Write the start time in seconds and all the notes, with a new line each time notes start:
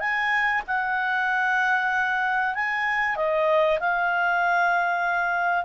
0.00 G#5
0.68 F#5
2.55 G#5
3.16 D#5
3.80 F5